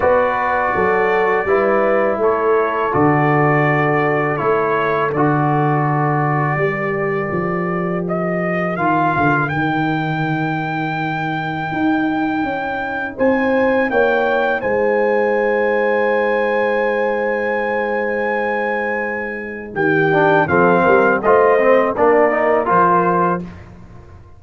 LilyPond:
<<
  \new Staff \with { instrumentName = "trumpet" } { \time 4/4 \tempo 4 = 82 d''2. cis''4 | d''2 cis''4 d''4~ | d''2. dis''4 | f''4 g''2.~ |
g''2 gis''4 g''4 | gis''1~ | gis''2. g''4 | f''4 dis''4 d''4 c''4 | }
  \new Staff \with { instrumentName = "horn" } { \time 4/4 b'4 a'4 b'4 a'4~ | a'1~ | a'4 ais'2.~ | ais'1~ |
ais'2 c''4 cis''4 | c''1~ | c''2. g'4 | a'8 ais'8 c''4 ais'2 | }
  \new Staff \with { instrumentName = "trombone" } { \time 4/4 fis'2 e'2 | fis'2 e'4 fis'4~ | fis'4 g'2. | f'4 dis'2.~ |
dis'1~ | dis'1~ | dis'2.~ dis'8 d'8 | c'4 f'8 c'8 d'8 dis'8 f'4 | }
  \new Staff \with { instrumentName = "tuba" } { \time 4/4 b4 fis4 g4 a4 | d2 a4 d4~ | d4 g4 f2 | dis8 d8 dis2. |
dis'4 cis'4 c'4 ais4 | gis1~ | gis2. dis4 | f8 g8 a4 ais4 f4 | }
>>